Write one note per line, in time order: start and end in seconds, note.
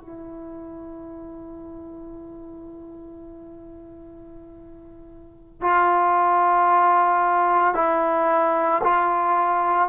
0.00 5.61 E4
5.61 7.74 F4
7.74 8.81 E4
8.83 9.88 F4